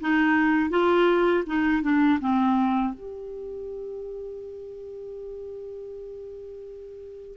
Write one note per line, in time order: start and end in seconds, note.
0.00 0.70 D#4
0.70 1.44 F4
1.46 1.82 D#4
1.82 2.19 D4
2.20 2.94 C4
2.94 7.37 G4